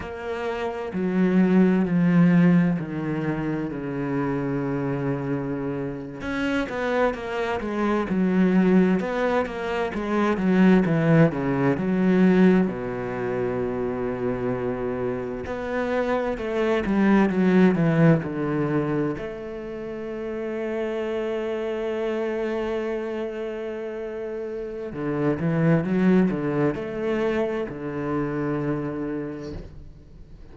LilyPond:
\new Staff \with { instrumentName = "cello" } { \time 4/4 \tempo 4 = 65 ais4 fis4 f4 dis4 | cis2~ cis8. cis'8 b8 ais16~ | ais16 gis8 fis4 b8 ais8 gis8 fis8 e16~ | e16 cis8 fis4 b,2~ b,16~ |
b,8. b4 a8 g8 fis8 e8 d16~ | d8. a2.~ a16~ | a2. d8 e8 | fis8 d8 a4 d2 | }